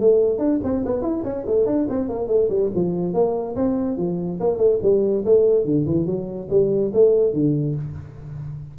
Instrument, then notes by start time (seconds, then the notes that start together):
tuba
0.00 A3
0.38 D4
0.63 C4
0.85 B3
1.02 E4
1.24 C#4
1.46 A3
1.66 D4
1.89 C4
2.09 A#3
2.27 A3
2.49 G3
2.75 F3
3.13 A#3
3.55 C4
3.97 F3
4.40 A#3
4.57 A3
4.82 G3
5.25 A3
5.65 D3
5.86 E3
6.06 F#3
6.50 G3
6.93 A3
7.33 D3